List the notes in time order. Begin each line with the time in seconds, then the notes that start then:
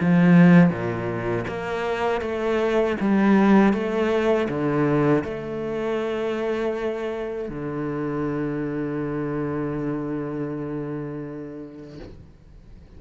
0.00 F3
0.69 A#2
1.47 A#3
2.21 A3
3.00 G3
3.73 A3
4.48 D3
5.24 A3
7.49 D3